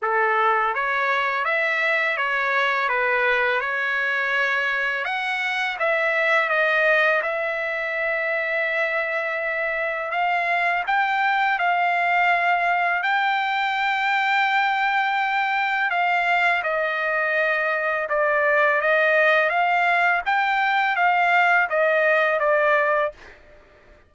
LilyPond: \new Staff \with { instrumentName = "trumpet" } { \time 4/4 \tempo 4 = 83 a'4 cis''4 e''4 cis''4 | b'4 cis''2 fis''4 | e''4 dis''4 e''2~ | e''2 f''4 g''4 |
f''2 g''2~ | g''2 f''4 dis''4~ | dis''4 d''4 dis''4 f''4 | g''4 f''4 dis''4 d''4 | }